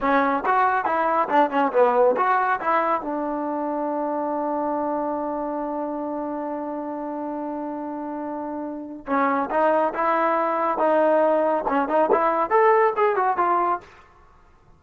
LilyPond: \new Staff \with { instrumentName = "trombone" } { \time 4/4 \tempo 4 = 139 cis'4 fis'4 e'4 d'8 cis'8 | b4 fis'4 e'4 d'4~ | d'1~ | d'1~ |
d'1~ | d'4 cis'4 dis'4 e'4~ | e'4 dis'2 cis'8 dis'8 | e'4 a'4 gis'8 fis'8 f'4 | }